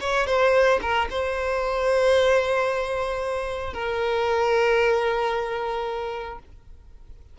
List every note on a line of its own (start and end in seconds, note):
0.00 0.26 C#5
0.26 0.79 C5
0.82 1.08 A#4
1.10 3.73 C5
3.73 6.39 A#4